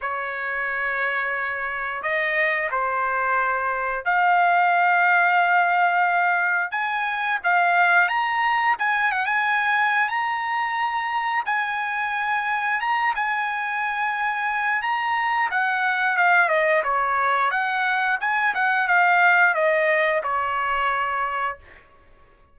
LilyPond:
\new Staff \with { instrumentName = "trumpet" } { \time 4/4 \tempo 4 = 89 cis''2. dis''4 | c''2 f''2~ | f''2 gis''4 f''4 | ais''4 gis''8 fis''16 gis''4~ gis''16 ais''4~ |
ais''4 gis''2 ais''8 gis''8~ | gis''2 ais''4 fis''4 | f''8 dis''8 cis''4 fis''4 gis''8 fis''8 | f''4 dis''4 cis''2 | }